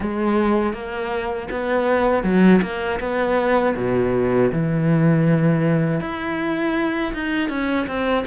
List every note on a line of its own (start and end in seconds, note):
0.00 0.73 G#3
0.73 1.48 A#3
1.50 2.23 B3
2.23 2.60 F#3
2.61 2.99 A#3
3.00 3.75 B3
3.76 4.51 B2
4.51 6.00 E3
6.00 7.12 E4
7.13 7.49 D#4
7.49 7.86 C#4
7.87 8.24 C4